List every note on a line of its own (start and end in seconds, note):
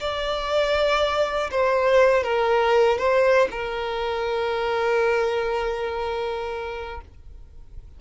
0.00 1.50 D5
1.51 2.23 C5
2.23 2.98 A#4
2.98 3.48 C5
3.51 7.01 A#4